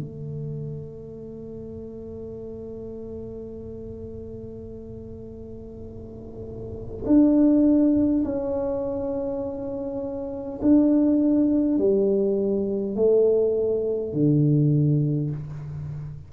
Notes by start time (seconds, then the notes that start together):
0.00 A3
7.07 D4
8.25 C#4
10.63 D4
11.79 G3
12.96 A3
14.13 D3